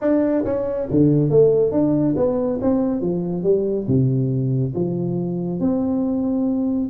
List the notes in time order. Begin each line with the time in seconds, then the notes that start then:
0.01 D4
0.44 C#4
0.90 D3
1.29 A3
1.71 D4
2.16 B3
2.61 C4
3.01 F3
3.43 G3
3.87 C3
4.74 F3
5.60 C4